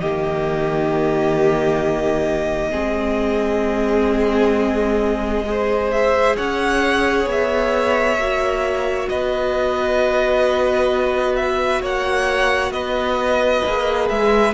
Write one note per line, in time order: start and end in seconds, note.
0.00 2.73 D#3
0.00 2.71 A#3
0.00 2.71 G4
0.00 5.91 D#5
2.71 6.37 G#3
2.71 5.44 C4
2.71 5.44 G#4
5.46 8.19 G#4
5.46 6.37 C5
5.91 6.37 E5
6.37 7.26 C#4
6.37 9.09 C#5
6.37 7.28 F#5
7.26 8.17 B3
7.26 9.09 E5
8.17 9.08 A#3
8.17 13.65 F#4
9.09 11.81 B3
9.09 11.81 B4
9.09 11.36 D#5
11.36 11.82 E5
11.81 12.71 A#3
11.81 12.72 C#5
11.81 12.72 F#5
12.71 13.62 B3
12.71 14.54 B4
12.71 14.08 D#5
13.66 14.10 A#3
13.66 14.54 G#4
14.09 14.54 G#3
14.09 14.54 E5